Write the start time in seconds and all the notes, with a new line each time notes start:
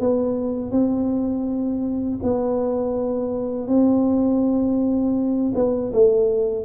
0.00 B3
0.71 C4
2.23 B3
3.68 C4
5.55 B3
5.93 A3